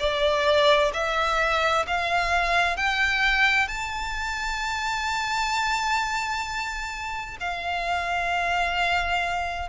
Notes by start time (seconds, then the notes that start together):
0.00 D5
0.94 E5
1.87 F5
2.77 G5
3.68 A5
7.41 F5